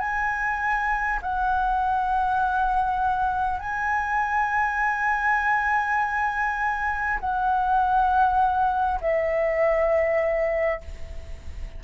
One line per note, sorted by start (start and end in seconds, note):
0.00 1.20 G#5
1.22 3.60 F#5
3.60 7.20 G#5
7.21 9.01 F#5
9.01 10.81 E5